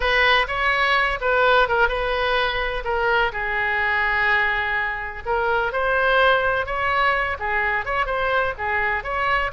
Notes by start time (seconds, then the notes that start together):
0.00 B4
0.47 C#5
1.20 B4
1.68 A#4
1.88 B4
2.84 A#4
3.32 G#4
5.25 A#4
5.72 C5
6.65 C#5
7.39 G#4
7.85 C#5
8.06 C5
8.58 G#4
9.03 C#5